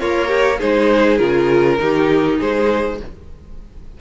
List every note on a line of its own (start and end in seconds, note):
0.00 0.61 A#3
0.00 0.27 F4
0.00 0.60 A#4
0.00 0.60 C#5
0.27 0.57 G4
0.57 1.20 G#3
0.57 1.18 D#4
0.57 1.76 G#4
0.57 1.17 C5
1.17 1.79 C#3
1.17 1.78 F4
1.17 2.36 A#4
1.79 2.40 D#3
1.79 2.97 D#4
1.79 2.38 G4
2.38 3.00 G#3
2.38 2.98 G#4
2.38 3.00 C5